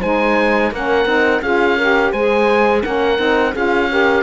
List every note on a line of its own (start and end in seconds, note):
0.00 0.72 G#3
0.00 0.73 D#4
0.00 0.71 C5
0.00 0.73 G#5
0.72 1.05 A#3
0.72 1.07 C#4
0.72 1.43 A#4
0.72 1.42 F#5
1.05 1.41 C4
1.05 1.42 D#4
1.42 2.12 C#4
1.42 1.78 F4
1.42 1.77 G#4
1.42 2.12 F5
1.77 2.16 G4
1.77 2.11 A#4
2.11 2.83 G#3
2.11 2.83 G#4
2.11 2.82 C5
2.11 2.83 G#5
2.83 3.19 A#3
2.83 3.18 C#4
2.83 3.53 A#4
2.83 3.55 F#5
3.18 3.54 C4
3.18 3.53 D#4
3.53 4.23 C#4
3.53 3.90 F4
3.53 3.88 G#4
3.53 4.23 F5
3.90 4.23 G4
3.90 4.23 A#4